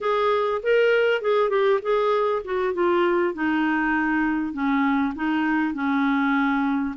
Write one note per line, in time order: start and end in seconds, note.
0.01 0.61 G#4
0.62 1.21 A#4
1.21 1.49 G#4
1.49 1.79 G4
1.82 2.42 G#4
2.44 2.73 F#4
2.73 3.33 F4
3.33 4.53 D#4
4.53 5.13 C#4
5.15 5.74 D#4
5.74 6.95 C#4